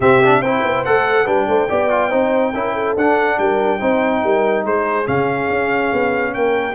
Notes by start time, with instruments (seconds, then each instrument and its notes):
0.00 tuba C3, trombone C4, horn G4, trumpet E5
0.23 trombone D4
0.40 tuba C4, trombone E4, horn C5, trumpet G5
0.64 tuba B3
0.84 tuba A3, trombone A4, trumpet F#5
1.24 tuba G3, trombone D4, horn B4, trumpet G5
1.47 tuba A3, horn C5
1.69 tuba B3, trombone G4, horn D5
1.89 trombone F4
2.09 tuba C4, trombone D#4, horn C5
2.53 tuba C#4, trombone E4, horn A#4
2.73 horn A4
2.96 tuba D4, trombone D4, trumpet F#5
3.38 tuba G3, horn A#4, trumpet G5
3.78 tuba C4, trombone D#4, horn C5
4.23 tuba G3, horn A#4
4.64 tuba G#3, horn G#4, trumpet C5
5.05 tuba C#3, trombone C#4, trumpet F5
5.49 tuba C#4
5.92 tuba B3
6.33 tuba A#3, horn A#4, trumpet G5